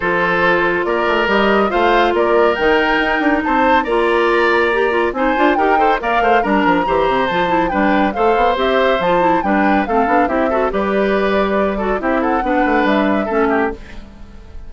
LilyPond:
<<
  \new Staff \with { instrumentName = "flute" } { \time 4/4 \tempo 4 = 140 c''2 d''4 dis''4 | f''4 d''4 g''2 | a''4 ais''2. | gis''4 g''4 f''4 ais''4~ |
ais''4 a''4 g''4 f''4 | e''4 a''4 g''4 f''4 | e''4 d''2. | e''8 fis''4. e''2 | }
  \new Staff \with { instrumentName = "oboe" } { \time 4/4 a'2 ais'2 | c''4 ais'2. | c''4 d''2. | c''4 ais'8 c''8 d''8 c''8 ais'4 |
c''2 b'4 c''4~ | c''2 b'4 a'4 | g'8 a'8 b'2~ b'8 a'8 | g'8 a'8 b'2 a'8 g'8 | }
  \new Staff \with { instrumentName = "clarinet" } { \time 4/4 f'2. g'4 | f'2 dis'2~ | dis'4 f'2 g'8 f'8 | dis'8 f'8 g'8 a'8 ais'4 d'4 |
g'4 f'8 e'8 d'4 a'4 | g'4 f'8 e'8 d'4 c'8 d'8 | e'8 fis'8 g'2~ g'8 fis'8 | e'4 d'2 cis'4 | }
  \new Staff \with { instrumentName = "bassoon" } { \time 4/4 f2 ais8 a8 g4 | a4 ais4 dis4 dis'8 d'8 | c'4 ais2. | c'8 d'8 dis'4 ais8 a8 g8 f8 |
e8 c8 f4 g4 a8 b8 | c'4 f4 g4 a8 b8 | c'4 g2. | c'4 b8 a8 g4 a4 | }
>>